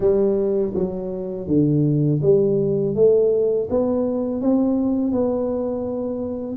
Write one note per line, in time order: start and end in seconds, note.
0.00 0.73 G3
0.74 1.47 F#3
1.47 2.20 D3
2.22 2.95 G3
2.95 3.68 A3
3.70 4.41 B3
4.41 5.12 C4
5.12 6.56 B3